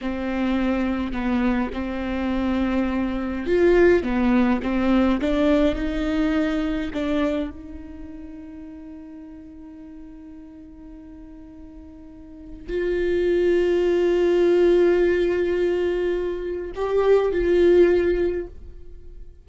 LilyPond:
\new Staff \with { instrumentName = "viola" } { \time 4/4 \tempo 4 = 104 c'2 b4 c'4~ | c'2 f'4 b4 | c'4 d'4 dis'2 | d'4 dis'2.~ |
dis'1~ | dis'2 f'2~ | f'1~ | f'4 g'4 f'2 | }